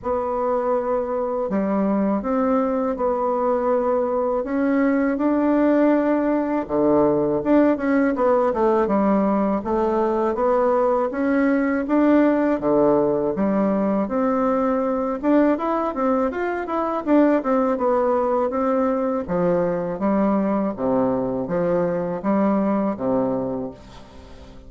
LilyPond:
\new Staff \with { instrumentName = "bassoon" } { \time 4/4 \tempo 4 = 81 b2 g4 c'4 | b2 cis'4 d'4~ | d'4 d4 d'8 cis'8 b8 a8 | g4 a4 b4 cis'4 |
d'4 d4 g4 c'4~ | c'8 d'8 e'8 c'8 f'8 e'8 d'8 c'8 | b4 c'4 f4 g4 | c4 f4 g4 c4 | }